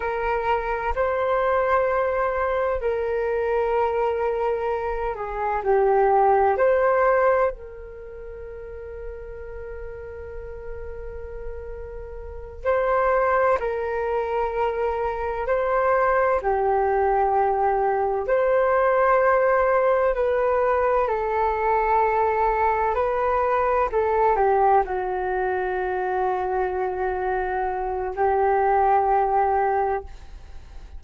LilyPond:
\new Staff \with { instrumentName = "flute" } { \time 4/4 \tempo 4 = 64 ais'4 c''2 ais'4~ | ais'4. gis'8 g'4 c''4 | ais'1~ | ais'4. c''4 ais'4.~ |
ais'8 c''4 g'2 c''8~ | c''4. b'4 a'4.~ | a'8 b'4 a'8 g'8 fis'4.~ | fis'2 g'2 | }